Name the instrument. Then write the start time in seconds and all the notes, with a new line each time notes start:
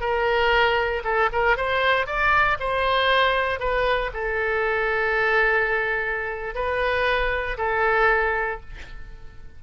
oboe
0.00 A#4
1.04 A4
1.32 A#4
1.57 C5
2.06 D5
2.59 C5
3.59 B4
4.13 A4
6.55 B4
7.57 A4